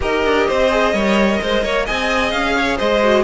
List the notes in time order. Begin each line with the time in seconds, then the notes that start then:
0.00 D#4 G4 A#4 D#5
0.24 D4
0.47 C4 C5
0.70 G#4
0.92 G3 A#4 C#5
1.41 G#3 C5
1.63 A#3 C#5
1.85 C4 G#4 D#5 G#5
2.31 C#4 F5
2.56 C#5
2.76 G#3 C5 D#5
3.03 F#4